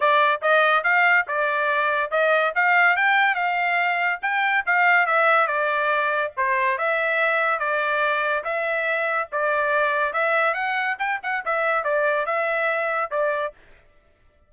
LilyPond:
\new Staff \with { instrumentName = "trumpet" } { \time 4/4 \tempo 4 = 142 d''4 dis''4 f''4 d''4~ | d''4 dis''4 f''4 g''4 | f''2 g''4 f''4 | e''4 d''2 c''4 |
e''2 d''2 | e''2 d''2 | e''4 fis''4 g''8 fis''8 e''4 | d''4 e''2 d''4 | }